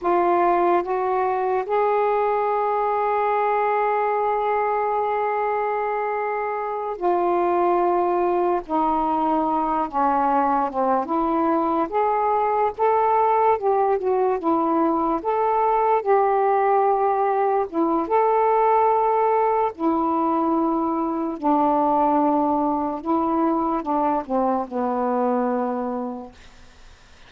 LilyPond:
\new Staff \with { instrumentName = "saxophone" } { \time 4/4 \tempo 4 = 73 f'4 fis'4 gis'2~ | gis'1~ | gis'8 f'2 dis'4. | cis'4 c'8 e'4 gis'4 a'8~ |
a'8 g'8 fis'8 e'4 a'4 g'8~ | g'4. e'8 a'2 | e'2 d'2 | e'4 d'8 c'8 b2 | }